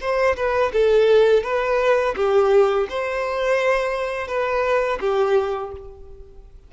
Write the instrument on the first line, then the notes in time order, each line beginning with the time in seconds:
violin
0.00 C5
0.36 B4
0.72 A4
1.43 B4
2.16 G4
2.89 C5
4.27 B4
5.00 G4